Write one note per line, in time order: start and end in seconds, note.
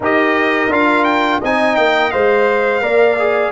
0.00 0.68 D#4
0.00 0.71 G4
0.00 1.40 A#4
0.00 0.72 D#5
0.68 1.39 D4
0.68 1.41 F4
0.68 1.04 F5
1.04 1.39 G5
1.40 1.77 C4
1.40 2.12 D#4
1.40 2.81 D#5
1.40 1.76 G#5
1.76 2.13 A#3
1.76 2.10 G5
2.10 2.81 G#3
2.10 2.81 C5
2.10 3.51 F5
2.81 3.51 A#3
2.81 3.16 A#4
2.81 3.51 D5
3.18 3.51 G#4